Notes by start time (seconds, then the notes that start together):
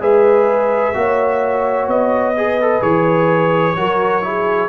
0.00 G#3 G#4 B4 E5
0.93 A#3 F#4 C#5
1.87 B3 D#5
2.37 G#4 B4
2.61 A4
2.81 E3 G#4 C#5
3.76 F#3 F#4 A#4
4.22 E4 G#4